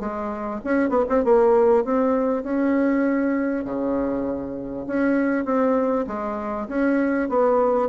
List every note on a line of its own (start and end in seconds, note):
0.00 0.61 G#3
0.64 0.90 C#4
0.90 1.05 B3
1.09 1.24 C4
1.25 1.85 A#3
1.85 2.44 C4
2.44 3.65 C#4
3.65 4.86 C#3
4.87 5.45 C#4
5.45 6.06 C4
6.07 6.68 G#3
6.69 7.29 C#4
7.29 7.89 B3